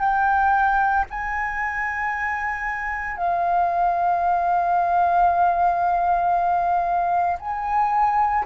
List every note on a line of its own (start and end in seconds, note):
0.00 1.05 G5
1.11 3.17 G#5
3.17 7.38 F5
7.40 8.45 G#5